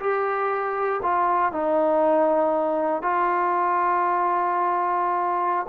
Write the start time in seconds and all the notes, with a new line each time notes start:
0.00 G4
1.03 F4
1.52 D#4
3.02 F4